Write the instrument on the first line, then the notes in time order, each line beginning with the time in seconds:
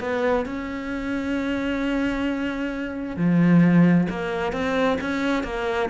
cello
0.00 B3
0.45 C#4
3.17 F3
4.10 A#3
4.52 C4
5.01 C#4
5.44 A#3